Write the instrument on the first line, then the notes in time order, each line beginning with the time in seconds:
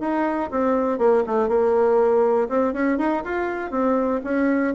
bassoon
0.00 D#4
0.51 C4
0.98 A#3
1.26 A3
1.48 A#3
2.49 C4
2.73 C#4
2.98 D#4
3.24 F4
3.71 C4
4.24 C#4